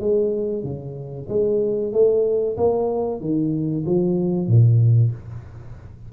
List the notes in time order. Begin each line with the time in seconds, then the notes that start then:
0.00 G#3
0.64 C#3
1.29 G#3
1.93 A3
2.57 A#3
3.21 D#3
3.86 F3
4.48 A#2